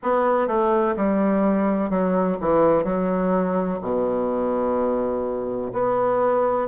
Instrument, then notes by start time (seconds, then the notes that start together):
bassoon
0.03 B3
0.47 A3
0.96 G3
1.90 F#3
2.40 E3
2.84 F#3
3.81 B2
5.72 B3